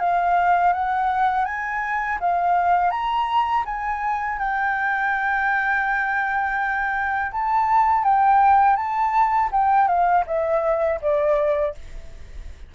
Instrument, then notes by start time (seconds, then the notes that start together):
flute
0.00 F5
0.73 F#5
1.45 G#5
2.21 F5
2.91 A#5
3.66 G#5
4.39 G5
7.32 A5
8.04 G5
8.76 A5
9.52 G5
9.88 F5
10.27 E5
11.02 D5